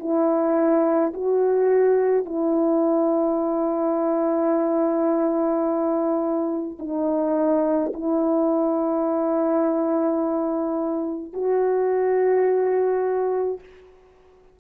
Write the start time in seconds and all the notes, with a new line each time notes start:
0.00 E4
1.14 F#4
2.26 E4
6.80 D#4
7.94 E4
11.34 F#4